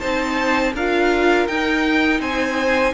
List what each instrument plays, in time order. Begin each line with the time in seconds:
0.00 cello C4, viola D#4, violin C5 A5
0.74 cello D4, viola F4, violin A#4 F5
1.48 viola D#4, cello D#4, violin G5
2.20 cello C4, violin C5 G#5